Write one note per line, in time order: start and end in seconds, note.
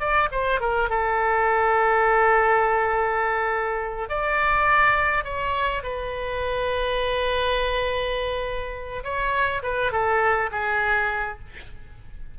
0.00 0.29 D5
0.32 0.61 C5
0.61 0.90 A#4
0.90 4.09 A4
4.09 5.25 D5
5.25 5.83 C#5
5.83 9.04 B4
9.04 9.62 C#5
9.63 9.92 B4
9.92 10.50 A4
10.52 11.39 G#4